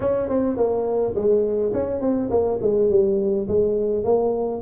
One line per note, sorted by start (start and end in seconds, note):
0.00 0.28 C#4
0.28 0.56 C4
0.56 1.14 A#3
1.15 1.73 G#3
1.73 2.00 C#4
2.00 2.29 C4
2.30 2.59 A#3
2.61 2.90 G#3
2.90 3.47 G3
3.47 4.04 G#3
4.04 4.61 A#3